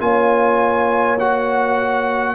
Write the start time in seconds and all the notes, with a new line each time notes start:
0.00 A#3 F4 C#5 G#5
1.19 F#4 F#5